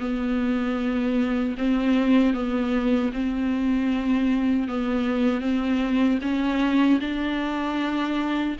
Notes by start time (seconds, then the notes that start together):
0.00 B3
1.58 C4
2.34 B3
3.13 C4
4.68 B3
5.41 C4
6.22 C#4
7.01 D4